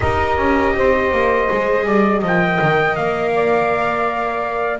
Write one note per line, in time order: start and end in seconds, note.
0.00 0.37 D#4
0.00 1.48 G4
0.00 0.75 A#4
0.00 2.22 D#5
0.37 0.74 C#4
0.75 1.11 C4
0.75 1.85 C5
1.11 1.48 A#3
1.48 1.85 G#3
1.48 2.23 G#4
1.85 2.22 G3
1.85 2.20 D5
2.20 2.59 F3
2.20 4.79 A#4
2.20 3.31 D#5
2.27 2.95 G5
2.61 2.97 D#3
2.95 4.79 A#3
2.95 4.79 F5
3.34 4.79 D5